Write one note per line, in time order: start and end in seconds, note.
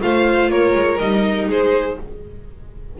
0.00 0.48 A3
0.00 0.98 F4
0.00 0.50 C5
0.00 0.51 F5
0.48 0.73 A#3
0.48 1.48 A#4
0.48 0.98 C#5
0.74 0.99 G#3
0.98 1.48 G3
0.98 1.98 D#4
0.98 1.47 D#5
1.48 1.97 G#3
1.48 1.97 G#4
1.48 2.00 C5